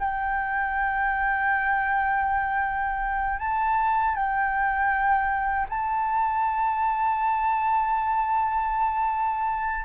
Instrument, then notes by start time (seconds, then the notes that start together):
flute
0.00 G5
3.40 A5
4.16 G5
5.70 A5